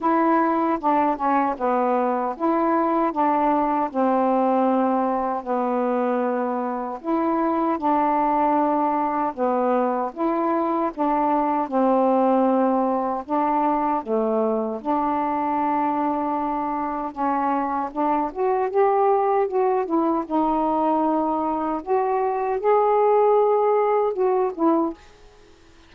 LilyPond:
\new Staff \with { instrumentName = "saxophone" } { \time 4/4 \tempo 4 = 77 e'4 d'8 cis'8 b4 e'4 | d'4 c'2 b4~ | b4 e'4 d'2 | b4 e'4 d'4 c'4~ |
c'4 d'4 a4 d'4~ | d'2 cis'4 d'8 fis'8 | g'4 fis'8 e'8 dis'2 | fis'4 gis'2 fis'8 e'8 | }